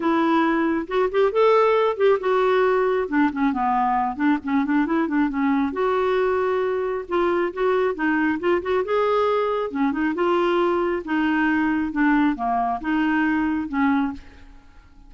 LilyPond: \new Staff \with { instrumentName = "clarinet" } { \time 4/4 \tempo 4 = 136 e'2 fis'8 g'8 a'4~ | a'8 g'8 fis'2 d'8 cis'8 | b4. d'8 cis'8 d'8 e'8 d'8 | cis'4 fis'2. |
f'4 fis'4 dis'4 f'8 fis'8 | gis'2 cis'8 dis'8 f'4~ | f'4 dis'2 d'4 | ais4 dis'2 cis'4 | }